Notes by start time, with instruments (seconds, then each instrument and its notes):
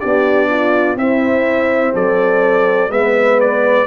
0.00 tuba B3, horn D4 G4, trumpet D5
0.50 horn F4
0.95 tuba C4, horn C4 E4, trumpet E5
1.93 tuba F#3, horn A4, trumpet D5
2.88 tuba G#3, horn B3 B4, trumpet E5
3.40 trumpet D5